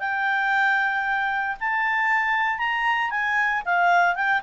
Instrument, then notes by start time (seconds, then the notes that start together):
clarinet
0.00 G5
1.60 A5
2.58 A#5
3.11 G#5
3.65 F5
4.15 G5